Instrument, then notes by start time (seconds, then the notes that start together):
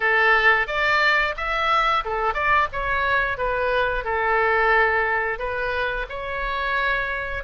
oboe
0.00 A4
0.67 D5
1.36 E5
2.04 A4
2.34 D5
2.72 C#5
3.37 B4
4.04 A4
5.38 B4
6.09 C#5